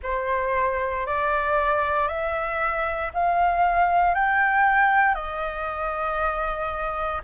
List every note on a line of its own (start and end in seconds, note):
0.03 1.06 C5
1.06 2.08 D5
2.08 3.11 E5
3.13 4.14 F5
4.14 5.14 G5
5.14 7.21 D#5